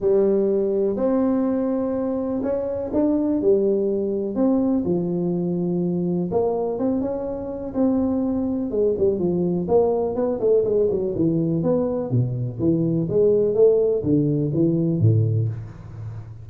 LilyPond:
\new Staff \with { instrumentName = "tuba" } { \time 4/4 \tempo 4 = 124 g2 c'2~ | c'4 cis'4 d'4 g4~ | g4 c'4 f2~ | f4 ais4 c'8 cis'4. |
c'2 gis8 g8 f4 | ais4 b8 a8 gis8 fis8 e4 | b4 b,4 e4 gis4 | a4 d4 e4 a,4 | }